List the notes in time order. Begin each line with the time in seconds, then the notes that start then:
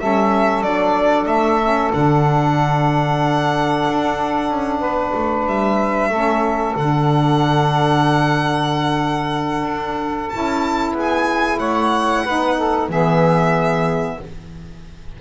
0.00 G3 C#4 A4 E5
0.61 F#3 D4 D5
1.26 A3 E5
1.62 C#4
1.92 D3 D4 F#5
3.89 D4
4.51 C#4
4.80 B3 B4
5.15 A3
5.46 G3 E5
6.09 A3 C#4 A4
6.76 D3 D4 F#5
9.63 D4
10.29 E4 A5
10.35 C#4
10.92 B3 G#4
11.00 G#5
11.58 A3 C#5 F#5
12.23 B3 D#4 B4
12.58 A4
12.89 E3 B3 G#4 E5